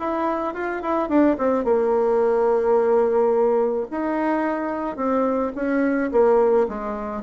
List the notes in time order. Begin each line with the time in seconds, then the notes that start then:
0.00 E4
0.54 F4
0.82 E4
1.09 D4
1.38 C4
1.65 A#3
3.91 D#4
4.96 C4
5.56 C#4
6.12 A#3
6.68 G#3